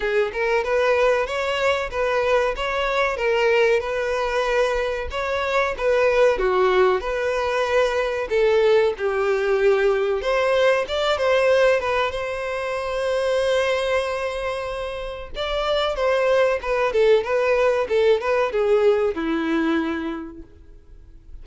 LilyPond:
\new Staff \with { instrumentName = "violin" } { \time 4/4 \tempo 4 = 94 gis'8 ais'8 b'4 cis''4 b'4 | cis''4 ais'4 b'2 | cis''4 b'4 fis'4 b'4~ | b'4 a'4 g'2 |
c''4 d''8 c''4 b'8 c''4~ | c''1 | d''4 c''4 b'8 a'8 b'4 | a'8 b'8 gis'4 e'2 | }